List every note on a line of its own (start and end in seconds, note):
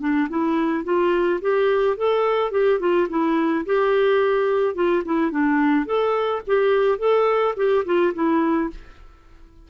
0.00 0.28 D4
0.29 0.84 E4
0.84 1.40 F4
1.41 1.97 G4
1.97 2.51 A4
2.51 2.79 G4
2.79 3.07 F4
3.09 3.65 E4
3.65 4.75 G4
4.75 5.03 F4
5.04 5.31 E4
5.31 5.85 D4
5.85 6.42 A4
6.47 6.98 G4
6.98 7.54 A4
7.56 7.85 G4
7.85 8.13 F4
8.14 8.70 E4